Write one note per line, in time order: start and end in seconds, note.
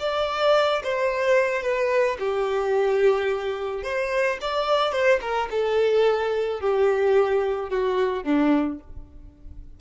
0.00 0.83 D5
0.84 1.63 C5
1.63 2.18 B4
2.20 3.84 G4
3.84 4.39 C5
4.41 4.93 D5
4.93 5.20 C5
5.22 5.49 A#4
5.51 6.61 A4
6.61 7.70 G4
7.70 8.24 F#4
8.24 8.79 D4